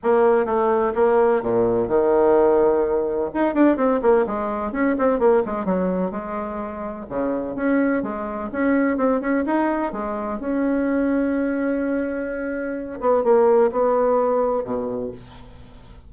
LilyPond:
\new Staff \with { instrumentName = "bassoon" } { \time 4/4 \tempo 4 = 127 ais4 a4 ais4 ais,4 | dis2. dis'8 d'8 | c'8 ais8 gis4 cis'8 c'8 ais8 gis8 | fis4 gis2 cis4 |
cis'4 gis4 cis'4 c'8 cis'8 | dis'4 gis4 cis'2~ | cis'2.~ cis'8 b8 | ais4 b2 b,4 | }